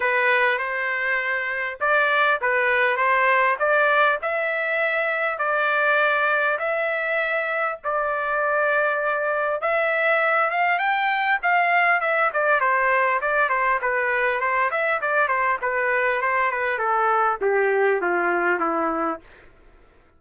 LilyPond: \new Staff \with { instrumentName = "trumpet" } { \time 4/4 \tempo 4 = 100 b'4 c''2 d''4 | b'4 c''4 d''4 e''4~ | e''4 d''2 e''4~ | e''4 d''2. |
e''4. f''8 g''4 f''4 | e''8 d''8 c''4 d''8 c''8 b'4 | c''8 e''8 d''8 c''8 b'4 c''8 b'8 | a'4 g'4 f'4 e'4 | }